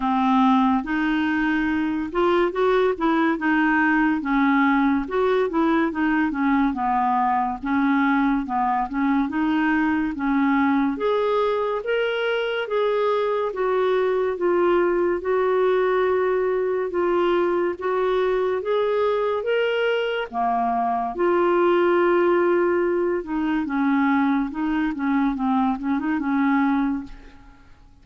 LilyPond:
\new Staff \with { instrumentName = "clarinet" } { \time 4/4 \tempo 4 = 71 c'4 dis'4. f'8 fis'8 e'8 | dis'4 cis'4 fis'8 e'8 dis'8 cis'8 | b4 cis'4 b8 cis'8 dis'4 | cis'4 gis'4 ais'4 gis'4 |
fis'4 f'4 fis'2 | f'4 fis'4 gis'4 ais'4 | ais4 f'2~ f'8 dis'8 | cis'4 dis'8 cis'8 c'8 cis'16 dis'16 cis'4 | }